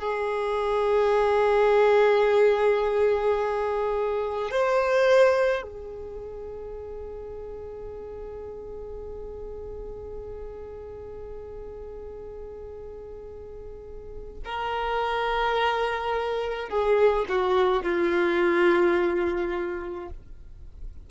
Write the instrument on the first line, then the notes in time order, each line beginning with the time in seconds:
violin
0.00 G#4
4.51 C5
5.63 G#4
14.45 A#4
16.70 G#4
17.29 F#4
17.83 F4